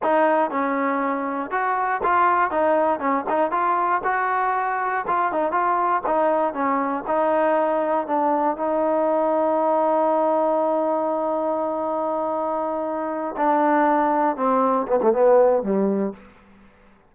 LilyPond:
\new Staff \with { instrumentName = "trombone" } { \time 4/4 \tempo 4 = 119 dis'4 cis'2 fis'4 | f'4 dis'4 cis'8 dis'8 f'4 | fis'2 f'8 dis'8 f'4 | dis'4 cis'4 dis'2 |
d'4 dis'2.~ | dis'1~ | dis'2~ dis'8 d'4.~ | d'8 c'4 b16 a16 b4 g4 | }